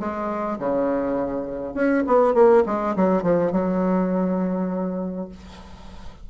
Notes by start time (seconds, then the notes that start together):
0.00 G#3
0.59 C#3
1.75 C#4
2.07 B3
2.34 A#3
2.66 G#3
2.97 F#3
3.23 F3
3.53 F#3